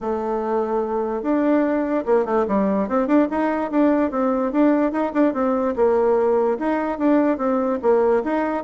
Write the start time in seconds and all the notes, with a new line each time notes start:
0.00 A3
1.22 D4
2.05 A#3
2.25 A3
2.47 G3
2.88 C4
3.07 D4
3.30 D#4
3.70 D4
4.10 C4
4.52 D4
4.92 D#4
5.13 D4
5.33 C4
5.76 A#3
6.58 D#4
6.98 D4
7.37 C4
7.81 A#3
8.24 D#4